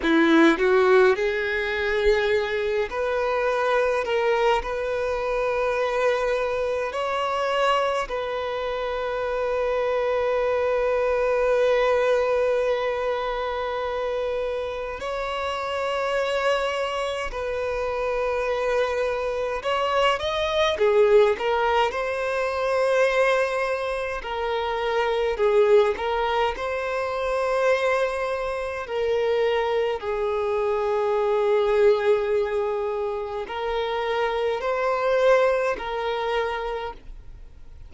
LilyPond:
\new Staff \with { instrumentName = "violin" } { \time 4/4 \tempo 4 = 52 e'8 fis'8 gis'4. b'4 ais'8 | b'2 cis''4 b'4~ | b'1~ | b'4 cis''2 b'4~ |
b'4 cis''8 dis''8 gis'8 ais'8 c''4~ | c''4 ais'4 gis'8 ais'8 c''4~ | c''4 ais'4 gis'2~ | gis'4 ais'4 c''4 ais'4 | }